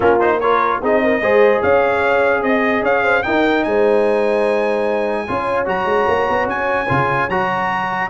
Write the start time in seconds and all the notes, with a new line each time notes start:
0.00 A#3 C#4 F4 A#4
0.20 D#4 C5
0.40 F4 A#4 C#5
0.82 C4 D#4 G#4 D#5
1.03 A#4
1.20 G#3 G#4 C5
1.62 C#4 C#5 F5
2.42 C4 D#5
2.82 C#4 C#5 F5
3.03 C5
3.23 D#4 A#4 G5
3.63 G#3 C5 G#5
5.27 C#4 F4 C#5
5.65 F#3 F#4 A#5
5.85 G#3
6.07 A#3
6.29 B3
6.46 C#4 G#5
6.88 C#3 F4
7.28 F#3 F#4 A#5